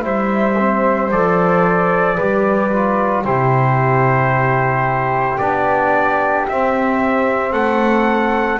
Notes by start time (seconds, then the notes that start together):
0.00 G3 E4 C5
0.06 E5
0.58 C4
1.11 F3 A4 D5
2.15 G3 G4 B4
2.72 F4
3.23 C3 E4 G4 C5
5.38 B3 D4 D5
6.48 C4 E5
7.52 A3 A4 F#5